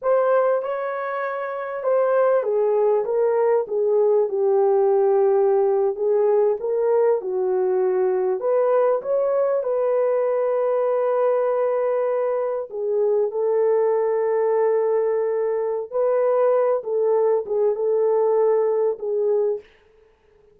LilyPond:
\new Staff \with { instrumentName = "horn" } { \time 4/4 \tempo 4 = 98 c''4 cis''2 c''4 | gis'4 ais'4 gis'4 g'4~ | g'4.~ g'16 gis'4 ais'4 fis'16~ | fis'4.~ fis'16 b'4 cis''4 b'16~ |
b'1~ | b'8. gis'4 a'2~ a'16~ | a'2 b'4. a'8~ | a'8 gis'8 a'2 gis'4 | }